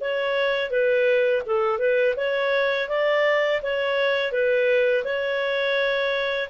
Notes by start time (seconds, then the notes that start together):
0.00 C#5
0.70 B4
1.46 A4
1.78 B4
2.16 C#5
2.88 D5
3.62 C#5
4.31 B4
5.04 C#5